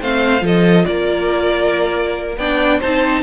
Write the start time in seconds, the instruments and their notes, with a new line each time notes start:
0.00 cello A3, viola C4, violin C5 F5
0.39 cello F3, viola F4, violin A4
0.46 violin D#5
0.85 cello A#3, violin A#4 D5
2.37 cello B3, viola D4, violin D5 G5
2.79 cello C4, viola D#4, violin C5 A5